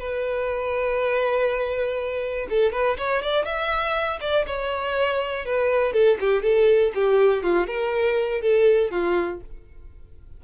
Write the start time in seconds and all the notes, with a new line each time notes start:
0.00 B4
2.50 A4
2.73 B4
2.98 C#5
3.23 D5
3.45 E5
4.21 D5
4.47 C#5
5.46 B4
5.93 A4
6.21 G4
6.43 A4
6.95 G4
7.44 F4
7.67 A#4
8.42 A4
8.91 F4